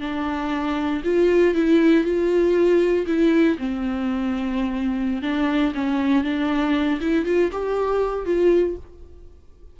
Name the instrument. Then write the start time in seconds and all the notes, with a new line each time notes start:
viola
0.00 D4
1.04 F4
1.54 E4
2.04 F4
3.06 E4
3.58 C4
5.22 D4
5.74 C#4
6.23 D4
7.00 E4
7.25 F4
7.51 G4
8.25 F4